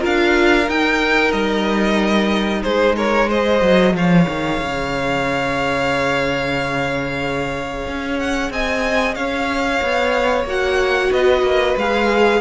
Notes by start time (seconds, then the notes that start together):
0.00 D4 F4 A#4 F5
0.68 D#4 G5
1.32 G3 D#5
2.63 G#3 G#4 C5
2.96 A#4 C#5
3.28 G#4 C5 D#5
3.61 F#3
3.93 F3 C#5 F5
4.28 D#3
4.61 C#3
7.88 C#4
8.19 F#5
8.50 C4 D#5 G#5
9.15 C#4 C#5 F5
9.82 B3
10.45 A#3 F#4 F#5
11.11 B3 B4 D#5
11.42 A#3
11.77 G#3 G#4 F5